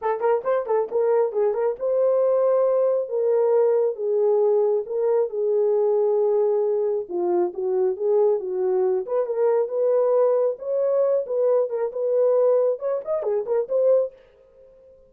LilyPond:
\new Staff \with { instrumentName = "horn" } { \time 4/4 \tempo 4 = 136 a'8 ais'8 c''8 a'8 ais'4 gis'8 ais'8 | c''2. ais'4~ | ais'4 gis'2 ais'4 | gis'1 |
f'4 fis'4 gis'4 fis'4~ | fis'8 b'8 ais'4 b'2 | cis''4. b'4 ais'8 b'4~ | b'4 cis''8 dis''8 gis'8 ais'8 c''4 | }